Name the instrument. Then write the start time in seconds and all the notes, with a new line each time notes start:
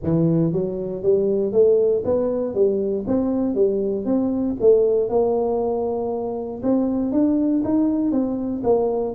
tuba
0.03 E3
0.52 F#3
1.02 G3
1.52 A3
2.05 B3
2.54 G3
3.07 C4
3.55 G3
4.05 C4
4.60 A3
5.09 A#3
6.62 C4
7.11 D4
7.64 D#4
8.11 C4
8.63 A#3